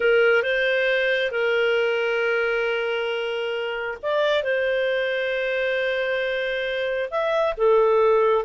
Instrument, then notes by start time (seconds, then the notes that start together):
clarinet
0.00 A#4
0.43 C5
1.31 A#4
4.02 D5
4.43 C5
7.10 E5
7.57 A4